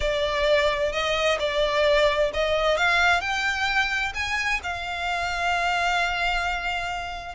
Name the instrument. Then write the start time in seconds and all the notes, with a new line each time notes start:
violin
0.00 D5
0.92 D#5
1.39 D5
2.33 D#5
2.77 F5
3.20 G5
4.14 G#5
4.63 F5